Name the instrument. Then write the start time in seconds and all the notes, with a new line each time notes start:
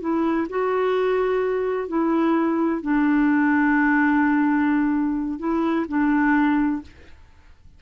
clarinet
0.00 E4
0.49 F#4
1.88 E4
2.81 D4
5.39 E4
5.88 D4